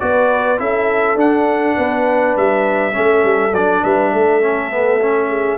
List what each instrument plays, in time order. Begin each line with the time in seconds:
0.00 tuba B3, trombone F#4, horn B4, trumpet D5
0.58 tuba C#4, trombone E4, horn A4, trumpet E5
1.16 tuba D4, trombone D4, trumpet F#5
1.76 tuba B3, horn B4
2.37 tuba G3, trumpet E5
2.93 tuba A3, trombone C#4, horn A4
3.24 tuba G3
3.53 tuba F#3, trombone D4, trumpet D5
3.83 tuba G3, horn B4, trumpet E5
4.13 tuba A3, horn A4
4.42 trombone C#4
4.71 trombone B3
5.01 trombone C#4
5.29 horn G#4